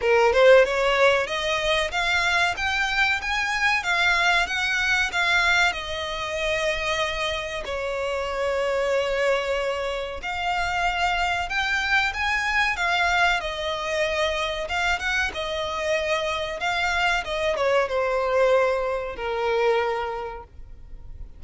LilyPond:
\new Staff \with { instrumentName = "violin" } { \time 4/4 \tempo 4 = 94 ais'8 c''8 cis''4 dis''4 f''4 | g''4 gis''4 f''4 fis''4 | f''4 dis''2. | cis''1 |
f''2 g''4 gis''4 | f''4 dis''2 f''8 fis''8 | dis''2 f''4 dis''8 cis''8 | c''2 ais'2 | }